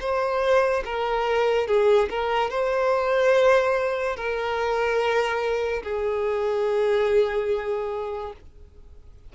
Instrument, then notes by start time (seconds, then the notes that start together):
violin
0.00 C5
0.85 A#4
1.67 G#4
2.10 A#4
2.50 C5
4.16 A#4
5.83 G#4